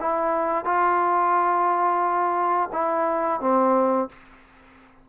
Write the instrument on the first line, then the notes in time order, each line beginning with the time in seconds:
trombone
0.00 E4
0.65 F4
2.73 E4
3.41 C4